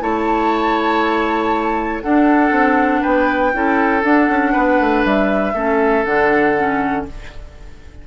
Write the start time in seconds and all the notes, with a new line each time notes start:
0.00 A3 E4 C#5 A5
2.02 D4 A4 F#5
2.51 C4
3.01 B3 B4 G5
3.53 C#4 E4 A4
4.01 D4 F#5
4.28 C#4
4.52 B3 B4
4.80 A3
5.05 G3 E5
5.54 A3 C#4 A4
6.04 D3 D4 F#5
6.57 C#4